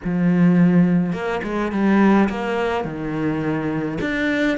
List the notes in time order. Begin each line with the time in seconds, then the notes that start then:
0.04 F3
1.12 A#3
1.43 G#3
1.71 G3
2.29 A#3
2.84 D#3
4.01 D4